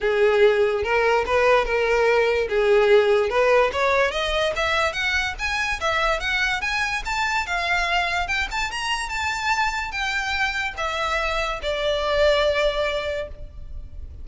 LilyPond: \new Staff \with { instrumentName = "violin" } { \time 4/4 \tempo 4 = 145 gis'2 ais'4 b'4 | ais'2 gis'2 | b'4 cis''4 dis''4 e''4 | fis''4 gis''4 e''4 fis''4 |
gis''4 a''4 f''2 | g''8 a''8 ais''4 a''2 | g''2 e''2 | d''1 | }